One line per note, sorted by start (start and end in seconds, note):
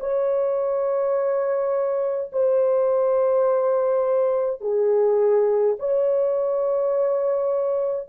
0.00 2.31 C#5
2.32 4.60 C5
4.60 5.76 G#4
5.79 8.08 C#5